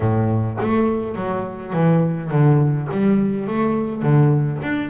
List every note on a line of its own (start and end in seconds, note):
0.00 0.57 A2
0.60 1.15 A3
1.15 1.73 F#3
1.73 2.30 E3
2.30 2.88 D3
2.91 3.47 G3
3.47 4.02 A3
4.02 4.60 D3
4.62 4.90 D4